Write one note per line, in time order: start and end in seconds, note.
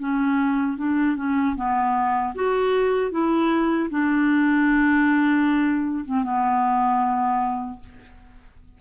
0.00 0.78 C#4
0.78 1.17 D4
1.17 1.56 C#4
1.57 2.34 B3
2.35 3.12 F#4
3.12 3.90 E4
3.91 6.05 D4
6.05 6.24 C4
6.24 7.80 B3